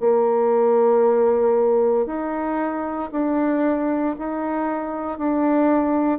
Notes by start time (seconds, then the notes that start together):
0.00 A#3
2.06 D#4
3.12 D4
4.19 D#4
5.18 D4